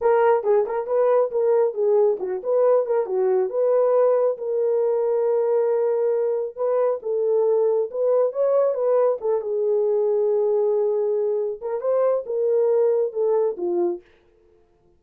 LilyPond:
\new Staff \with { instrumentName = "horn" } { \time 4/4 \tempo 4 = 137 ais'4 gis'8 ais'8 b'4 ais'4 | gis'4 fis'8 b'4 ais'8 fis'4 | b'2 ais'2~ | ais'2. b'4 |
a'2 b'4 cis''4 | b'4 a'8 gis'2~ gis'8~ | gis'2~ gis'8 ais'8 c''4 | ais'2 a'4 f'4 | }